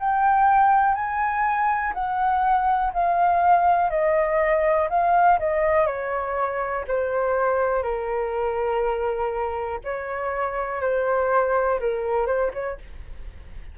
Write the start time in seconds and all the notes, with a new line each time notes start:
0.00 G5
0.95 G#5
1.94 F#5
2.93 F5
3.90 D#5
4.90 F5
5.39 D#5
5.87 C#5
6.88 C5
7.83 A#4
9.84 C#5
10.82 C5
11.80 A#4
12.27 C5
12.54 C#5